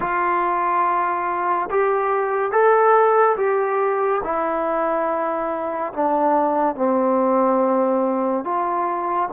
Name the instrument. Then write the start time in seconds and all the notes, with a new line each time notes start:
trombone
0.00 F4
1.70 G4
2.51 A4
3.36 G4
4.23 E4
5.93 D4
6.75 C4
8.44 F4